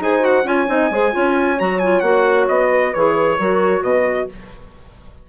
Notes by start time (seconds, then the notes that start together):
0.00 D#4 G#4 C5 G#5
0.20 F#4 F#5
0.44 C#4 F4 C#5 G#5
0.67 C4 D#4 D#5
0.90 G#3 G#4 C5
1.12 C#4 F4 C#5
1.59 F#3 F#4 A#5
1.79 F4 G#5
2.00 A#3 F#4 F#5
2.48 B3 D#5
2.69 B4
2.93 E3 G#4 C#5
3.39 F#3 F#4 A#4
3.81 B2 B4 D#5